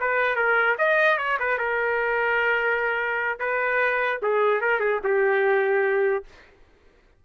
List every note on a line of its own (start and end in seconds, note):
0.00 0.36 B4
0.36 0.76 A#4
0.78 1.18 D#5
1.18 1.38 C#5
1.39 1.58 B4
1.58 3.39 A#4
3.40 4.20 B4
4.22 4.61 G#4
4.61 4.80 A#4
4.80 5.00 G#4
5.04 6.25 G4